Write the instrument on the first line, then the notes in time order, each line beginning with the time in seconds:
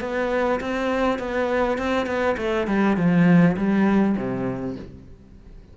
cello
0.00 B3
0.60 C4
1.19 B3
1.78 C4
2.06 B3
2.37 A3
2.67 G3
2.96 F3
3.56 G3
4.16 C3